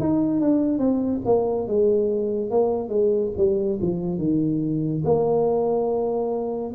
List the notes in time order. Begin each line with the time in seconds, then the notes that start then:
0.00 D#4
0.41 D4
0.79 C4
1.26 A#3
1.68 G#3
2.51 A#3
2.89 G#3
3.38 G3
3.82 F3
4.19 D#3
5.05 A#3